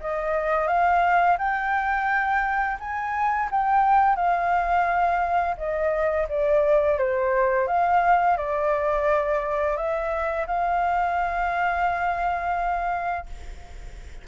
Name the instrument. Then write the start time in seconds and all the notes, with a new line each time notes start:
flute
0.00 D#5
0.67 F5
1.38 G5
2.79 G#5
3.51 G5
4.15 F5
5.57 D#5
6.28 D5
6.98 C5
7.67 F5
8.37 D5
9.76 E5
10.47 F5